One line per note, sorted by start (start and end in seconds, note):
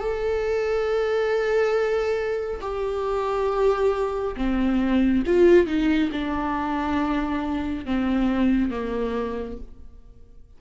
0.00 2.61 A4
2.62 4.36 G4
4.37 5.24 C4
5.26 5.67 F4
5.67 6.11 D#4
6.12 7.86 D4
7.86 8.71 C4
8.71 9.58 A#3